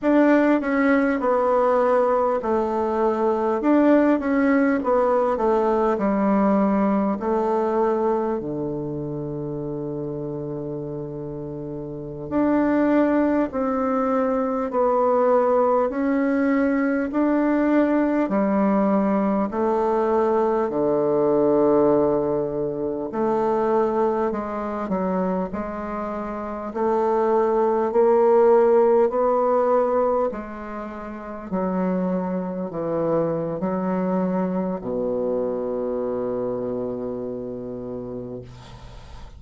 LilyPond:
\new Staff \with { instrumentName = "bassoon" } { \time 4/4 \tempo 4 = 50 d'8 cis'8 b4 a4 d'8 cis'8 | b8 a8 g4 a4 d4~ | d2~ d16 d'4 c'8.~ | c'16 b4 cis'4 d'4 g8.~ |
g16 a4 d2 a8.~ | a16 gis8 fis8 gis4 a4 ais8.~ | ais16 b4 gis4 fis4 e8. | fis4 b,2. | }